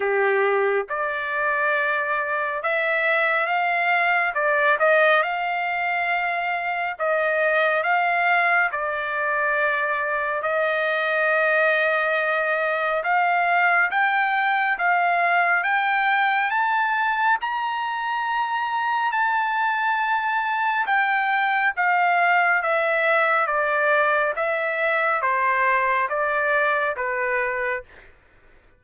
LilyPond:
\new Staff \with { instrumentName = "trumpet" } { \time 4/4 \tempo 4 = 69 g'4 d''2 e''4 | f''4 d''8 dis''8 f''2 | dis''4 f''4 d''2 | dis''2. f''4 |
g''4 f''4 g''4 a''4 | ais''2 a''2 | g''4 f''4 e''4 d''4 | e''4 c''4 d''4 b'4 | }